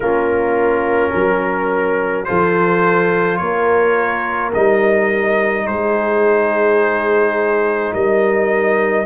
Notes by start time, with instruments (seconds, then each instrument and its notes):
0.00 tuba A#3, trombone C#4, horn F4, trumpet A#4
1.10 tuba F#3, horn A#4
2.24 tuba F3, trombone F4, horn A4, trumpet C5
3.36 tuba A#3, horn A#4, trumpet C#5
4.54 tuba G3, trombone D#4, trumpet D#5
5.65 tuba G#3, horn G#4, trumpet C5
7.93 tuba G3, horn A#4, trumpet D#5